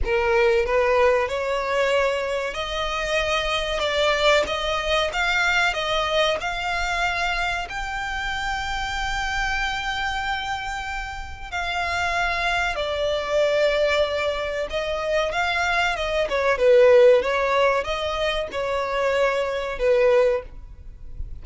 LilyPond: \new Staff \with { instrumentName = "violin" } { \time 4/4 \tempo 4 = 94 ais'4 b'4 cis''2 | dis''2 d''4 dis''4 | f''4 dis''4 f''2 | g''1~ |
g''2 f''2 | d''2. dis''4 | f''4 dis''8 cis''8 b'4 cis''4 | dis''4 cis''2 b'4 | }